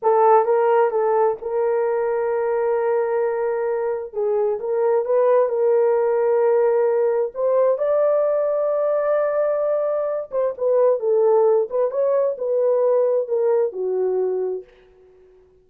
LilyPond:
\new Staff \with { instrumentName = "horn" } { \time 4/4 \tempo 4 = 131 a'4 ais'4 a'4 ais'4~ | ais'1~ | ais'4 gis'4 ais'4 b'4 | ais'1 |
c''4 d''2.~ | d''2~ d''8 c''8 b'4 | a'4. b'8 cis''4 b'4~ | b'4 ais'4 fis'2 | }